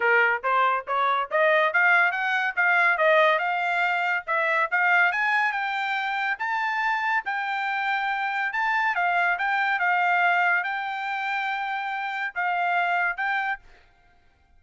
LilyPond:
\new Staff \with { instrumentName = "trumpet" } { \time 4/4 \tempo 4 = 141 ais'4 c''4 cis''4 dis''4 | f''4 fis''4 f''4 dis''4 | f''2 e''4 f''4 | gis''4 g''2 a''4~ |
a''4 g''2. | a''4 f''4 g''4 f''4~ | f''4 g''2.~ | g''4 f''2 g''4 | }